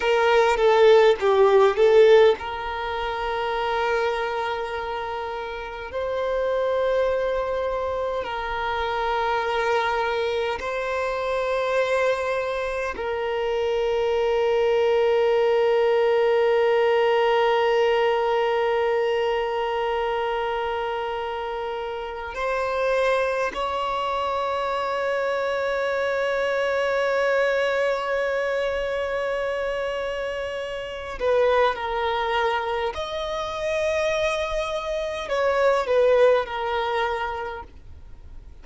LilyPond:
\new Staff \with { instrumentName = "violin" } { \time 4/4 \tempo 4 = 51 ais'8 a'8 g'8 a'8 ais'2~ | ais'4 c''2 ais'4~ | ais'4 c''2 ais'4~ | ais'1~ |
ais'2. c''4 | cis''1~ | cis''2~ cis''8 b'8 ais'4 | dis''2 cis''8 b'8 ais'4 | }